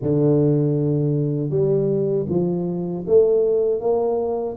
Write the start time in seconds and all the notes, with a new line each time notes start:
0.02 D3
1.50 G3
2.28 F3
3.06 A3
3.80 A#3